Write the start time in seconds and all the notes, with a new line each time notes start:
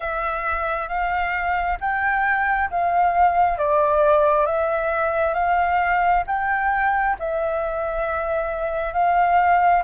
0.00 E5
0.88 F5
1.80 G5
2.70 F5
3.57 D5
4.45 E5
5.34 F5
6.26 G5
7.19 E5
8.93 F5